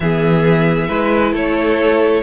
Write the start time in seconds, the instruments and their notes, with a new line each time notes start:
0.00 cello E3, viola B3, violin G#4 E5
0.88 cello G#3, viola E4, violin B4
1.32 cello A3, violin A4 C#5